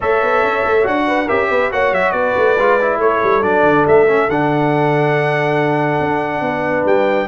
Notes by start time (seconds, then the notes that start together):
0.00 A3 A4 C#5 E5
0.22 B3
0.42 C#4
0.64 A3
0.83 D4 F#4 F#5
1.07 B4
1.25 C#4 G4 A#4 E5
1.50 B3 B4
1.71 A#3 F#4 C#5 F#5
1.91 F#3 E5
2.11 B3 B4 D5
2.37 A3
2.57 G#3 F4
2.81 E4
2.97 A3 A4 C#5
3.22 G3
3.42 F#3 D4 D5
3.63 D3
3.87 A3 E5
4.08 C#4
4.28 D3 D4 F#5
6.00 D4
6.40 B3 B4
6.85 G3 G5